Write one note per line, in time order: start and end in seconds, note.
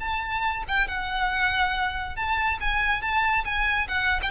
0.00 0.64 A5
0.69 0.88 G5
0.88 2.17 F#5
2.17 2.59 A5
2.61 3.02 G#5
3.02 3.45 A5
3.45 3.88 G#5
3.89 4.21 F#5
4.23 4.31 G5